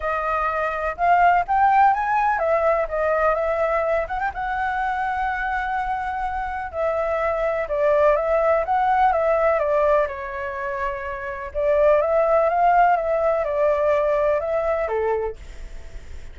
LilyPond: \new Staff \with { instrumentName = "flute" } { \time 4/4 \tempo 4 = 125 dis''2 f''4 g''4 | gis''4 e''4 dis''4 e''4~ | e''8 fis''16 g''16 fis''2.~ | fis''2 e''2 |
d''4 e''4 fis''4 e''4 | d''4 cis''2. | d''4 e''4 f''4 e''4 | d''2 e''4 a'4 | }